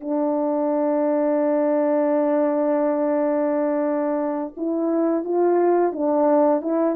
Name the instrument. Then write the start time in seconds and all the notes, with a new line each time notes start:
horn
0.00 D4
4.57 E4
5.24 F4
5.92 D4
6.62 E4